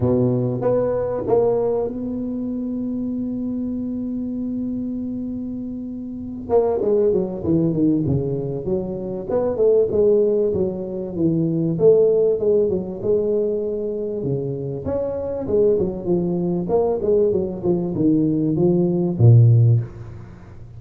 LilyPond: \new Staff \with { instrumentName = "tuba" } { \time 4/4 \tempo 4 = 97 b,4 b4 ais4 b4~ | b1~ | b2~ b8 ais8 gis8 fis8 | e8 dis8 cis4 fis4 b8 a8 |
gis4 fis4 e4 a4 | gis8 fis8 gis2 cis4 | cis'4 gis8 fis8 f4 ais8 gis8 | fis8 f8 dis4 f4 ais,4 | }